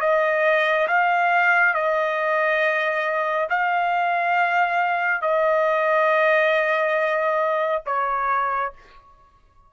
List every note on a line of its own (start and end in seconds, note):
0.00 0.87 D#5
0.87 1.74 F5
1.74 3.48 D#5
3.49 5.21 F5
5.21 7.82 D#5
7.86 8.73 C#5